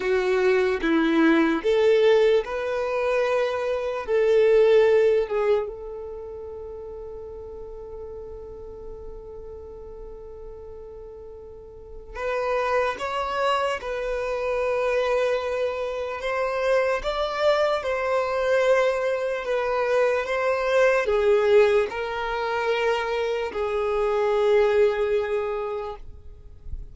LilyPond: \new Staff \with { instrumentName = "violin" } { \time 4/4 \tempo 4 = 74 fis'4 e'4 a'4 b'4~ | b'4 a'4. gis'8 a'4~ | a'1~ | a'2. b'4 |
cis''4 b'2. | c''4 d''4 c''2 | b'4 c''4 gis'4 ais'4~ | ais'4 gis'2. | }